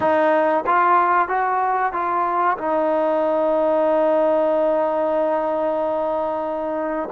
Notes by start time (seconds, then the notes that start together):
0.00 D#4
0.66 F4
1.28 F#4
1.92 F4
2.57 D#4